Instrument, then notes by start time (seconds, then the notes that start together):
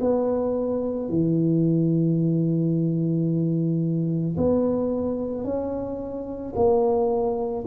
tuba
0.00 B3
1.09 E3
4.36 B3
5.44 C#4
6.55 A#3